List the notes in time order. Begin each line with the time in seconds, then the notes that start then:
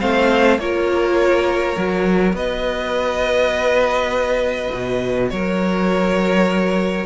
0.00 A3 C4 C5 F5
0.58 A#3 F4 A#4 C#5
1.76 F#3 F#4
2.33 B3 B4 D#5
4.73 B2
5.30 F#3 A#4 C#5